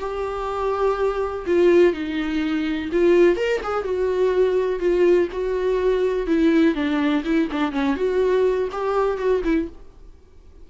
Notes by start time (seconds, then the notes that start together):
0.00 G4
1.47 F4
1.93 D#4
2.92 F4
3.37 A#4
3.63 G#4
3.84 F#4
4.79 F4
5.32 F#4
6.27 E4
6.75 D4
7.24 E4
7.52 D4
7.72 C#4
7.96 F#4
8.72 G4
9.18 F#4
9.44 E4